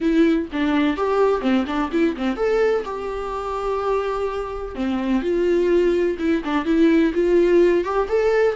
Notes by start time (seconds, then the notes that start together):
0.00 E4
0.52 D4
0.96 G4
1.41 C4
1.67 D4
1.91 E4
2.16 C4
2.36 A4
2.84 G4
4.75 C4
5.22 F4
6.19 E4
6.44 D4
6.65 E4
7.13 F4
7.84 G4
8.08 A4